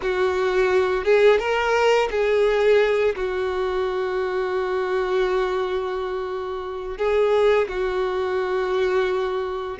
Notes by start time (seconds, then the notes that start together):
0.02 F#4
1.04 G#4
1.39 A#4
2.10 G#4
3.15 F#4
6.97 G#4
7.68 F#4